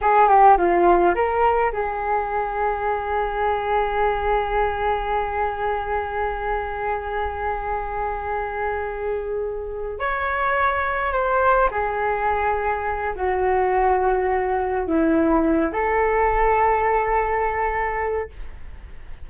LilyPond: \new Staff \with { instrumentName = "flute" } { \time 4/4 \tempo 4 = 105 gis'8 g'8 f'4 ais'4 gis'4~ | gis'1~ | gis'1~ | gis'1~ |
gis'4. cis''2 c''8~ | c''8 gis'2~ gis'8 fis'4~ | fis'2 e'4. a'8~ | a'1 | }